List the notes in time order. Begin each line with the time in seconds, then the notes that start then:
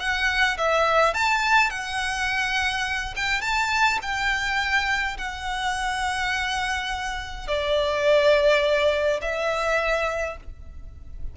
0.00 F#5
0.58 E5
1.14 A5
1.70 F#5
3.16 G5
3.42 A5
4.02 G5
5.18 F#5
7.48 D5
9.22 E5